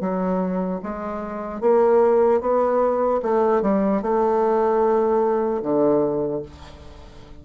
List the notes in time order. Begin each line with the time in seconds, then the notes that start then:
0.00 F#3
0.83 G#3
1.61 A#3
2.40 B3
3.22 A3
3.62 G3
4.02 A3
5.62 D3